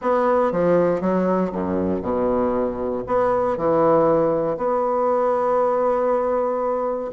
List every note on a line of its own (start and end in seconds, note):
0.01 0.52 B3
0.52 1.00 F3
1.00 1.51 F#3
1.52 2.02 F#2
2.02 3.03 B2
3.06 3.57 B3
3.57 4.57 E3
4.57 7.11 B3